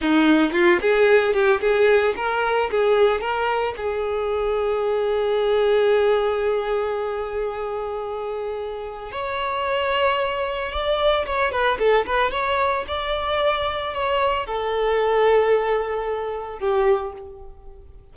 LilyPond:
\new Staff \with { instrumentName = "violin" } { \time 4/4 \tempo 4 = 112 dis'4 f'8 gis'4 g'8 gis'4 | ais'4 gis'4 ais'4 gis'4~ | gis'1~ | gis'1~ |
gis'4 cis''2. | d''4 cis''8 b'8 a'8 b'8 cis''4 | d''2 cis''4 a'4~ | a'2. g'4 | }